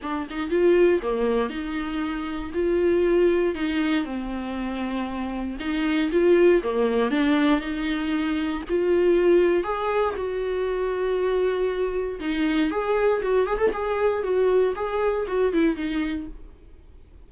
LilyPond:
\new Staff \with { instrumentName = "viola" } { \time 4/4 \tempo 4 = 118 d'8 dis'8 f'4 ais4 dis'4~ | dis'4 f'2 dis'4 | c'2. dis'4 | f'4 ais4 d'4 dis'4~ |
dis'4 f'2 gis'4 | fis'1 | dis'4 gis'4 fis'8 gis'16 a'16 gis'4 | fis'4 gis'4 fis'8 e'8 dis'4 | }